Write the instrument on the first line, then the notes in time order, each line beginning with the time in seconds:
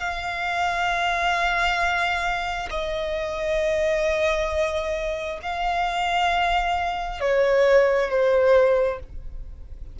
violin
0.00 F5
2.70 D#5
5.42 F5
7.20 C#5
8.10 C5